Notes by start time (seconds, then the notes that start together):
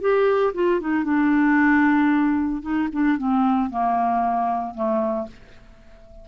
0.00 G4
0.54 F4
0.80 D#4
1.04 D4
2.62 D#4
2.92 D4
3.17 C4
3.70 A#3
4.74 A3